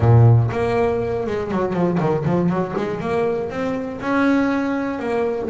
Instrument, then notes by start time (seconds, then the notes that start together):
double bass
0.00 A#2
0.51 A#3
1.26 G#3
1.51 F#3
1.73 F3
2.00 D#3
2.25 F3
2.49 F#3
2.77 G#3
3.00 A#3
3.50 C4
4.00 C#4
4.99 A#3